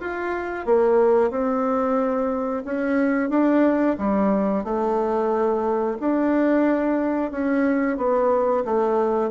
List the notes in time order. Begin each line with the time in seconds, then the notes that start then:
0.00 F4
0.66 A#3
1.30 C4
2.65 C#4
3.30 D4
3.98 G3
4.64 A3
6.00 D4
7.31 C#4
7.98 B3
8.65 A3